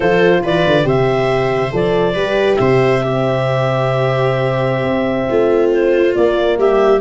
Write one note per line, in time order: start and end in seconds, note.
0.00 0.43 F3
0.00 0.83 F4
0.00 0.42 A4
0.00 0.43 C5
0.43 0.64 E3
0.43 0.86 B4
0.43 0.87 D5
0.66 0.84 D3
0.83 1.70 C3
0.83 1.69 G4
0.83 2.13 C5
0.83 1.74 E5
1.71 2.14 F3
1.71 2.14 A4
1.71 2.56 D5
2.13 2.58 G3
2.13 3.01 G4
2.13 2.57 B4
2.56 4.83 C3
2.56 3.02 C5
2.56 5.69 E5
3.02 6.14 C4
3.02 5.29 G4
4.83 5.26 C4
5.29 6.16 A3
5.29 6.58 F4
5.71 6.14 C5
6.14 7.00 A#3
6.14 6.57 A#3
6.14 6.58 D5
6.57 7.00 G3
6.57 7.00 G4
6.57 7.00 E5